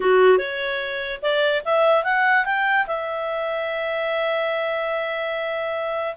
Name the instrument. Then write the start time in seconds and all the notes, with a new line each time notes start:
clarinet
0.00 F#4
0.38 C#5
1.21 D5
1.64 E5
2.04 F#5
2.45 G5
2.86 E5